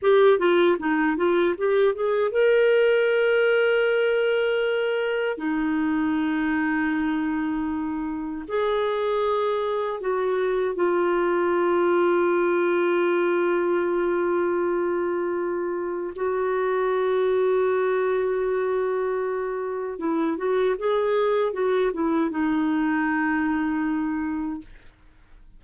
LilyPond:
\new Staff \with { instrumentName = "clarinet" } { \time 4/4 \tempo 4 = 78 g'8 f'8 dis'8 f'8 g'8 gis'8 ais'4~ | ais'2. dis'4~ | dis'2. gis'4~ | gis'4 fis'4 f'2~ |
f'1~ | f'4 fis'2.~ | fis'2 e'8 fis'8 gis'4 | fis'8 e'8 dis'2. | }